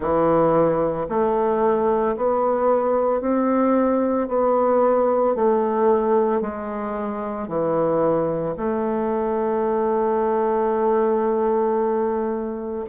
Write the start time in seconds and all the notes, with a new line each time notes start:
0.00 E3
1.09 A3
2.16 B3
3.20 C4
4.28 B3
5.35 A3
6.41 G#3
7.48 E3
8.56 A3